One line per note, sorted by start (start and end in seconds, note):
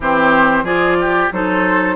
0.00 0.62 E3
0.00 0.65 C4
0.00 0.63 G4
0.00 0.65 C5
0.62 1.28 F3
0.62 1.31 F4
0.62 0.96 G#4
0.62 1.31 D5
1.00 1.33 G4
1.31 1.95 F#3
1.31 1.95 D#4
1.31 1.95 A4
1.31 1.95 C5